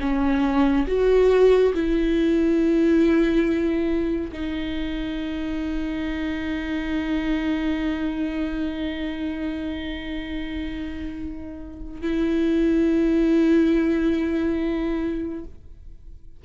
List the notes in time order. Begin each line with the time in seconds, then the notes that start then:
0.00 C#4
0.87 F#4
1.74 E4
4.32 D#4
12.01 E4